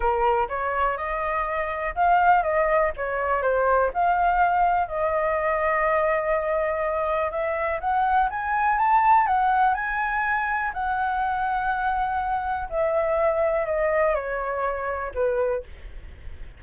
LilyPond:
\new Staff \with { instrumentName = "flute" } { \time 4/4 \tempo 4 = 123 ais'4 cis''4 dis''2 | f''4 dis''4 cis''4 c''4 | f''2 dis''2~ | dis''2. e''4 |
fis''4 gis''4 a''4 fis''4 | gis''2 fis''2~ | fis''2 e''2 | dis''4 cis''2 b'4 | }